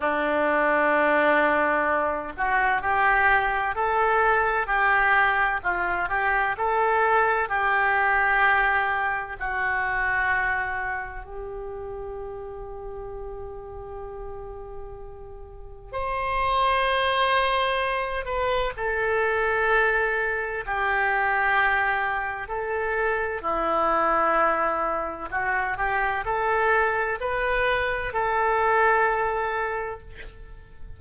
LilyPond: \new Staff \with { instrumentName = "oboe" } { \time 4/4 \tempo 4 = 64 d'2~ d'8 fis'8 g'4 | a'4 g'4 f'8 g'8 a'4 | g'2 fis'2 | g'1~ |
g'4 c''2~ c''8 b'8 | a'2 g'2 | a'4 e'2 fis'8 g'8 | a'4 b'4 a'2 | }